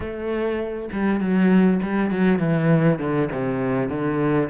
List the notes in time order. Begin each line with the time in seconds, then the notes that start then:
0.00 A3
0.92 G3
1.20 F#3
1.82 G3
2.10 F#3
2.38 E3
2.98 D3
3.31 C3
3.89 D3